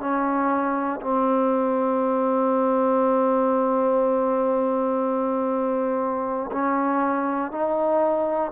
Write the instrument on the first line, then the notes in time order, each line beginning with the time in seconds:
trombone
0.00 C#4
1.00 C4
6.51 C#4
7.51 D#4